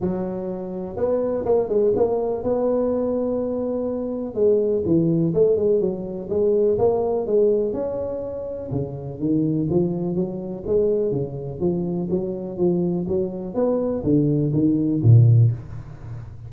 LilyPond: \new Staff \with { instrumentName = "tuba" } { \time 4/4 \tempo 4 = 124 fis2 b4 ais8 gis8 | ais4 b2.~ | b4 gis4 e4 a8 gis8 | fis4 gis4 ais4 gis4 |
cis'2 cis4 dis4 | f4 fis4 gis4 cis4 | f4 fis4 f4 fis4 | b4 d4 dis4 ais,4 | }